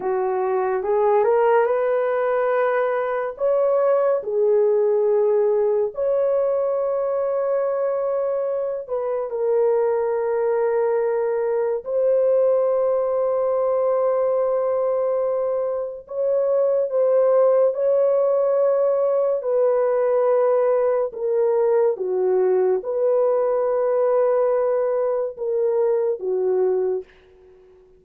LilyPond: \new Staff \with { instrumentName = "horn" } { \time 4/4 \tempo 4 = 71 fis'4 gis'8 ais'8 b'2 | cis''4 gis'2 cis''4~ | cis''2~ cis''8 b'8 ais'4~ | ais'2 c''2~ |
c''2. cis''4 | c''4 cis''2 b'4~ | b'4 ais'4 fis'4 b'4~ | b'2 ais'4 fis'4 | }